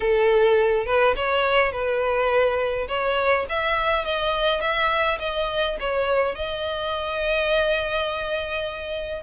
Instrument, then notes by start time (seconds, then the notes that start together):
violin
0.00 A4
0.85 B4
1.16 C#5
1.72 B4
2.88 C#5
3.49 E5
4.04 D#5
4.60 E5
5.19 D#5
5.80 C#5
6.35 D#5